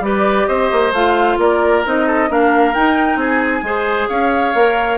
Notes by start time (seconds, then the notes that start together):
0.00 G3 G4 B4 D5
0.47 C4 C5 D#5
0.71 A#3
0.91 A3 F4 F5
1.37 A#3 A#4 D5
1.85 C4 D#4 D#5
2.06 A4
2.28 A#3 D4 A#4 F5
2.74 D#4 G5
3.16 C4 G#4 G#5
3.62 G#3 G#4 C5
4.08 C#4 C#5 F5
4.54 A#3 A#4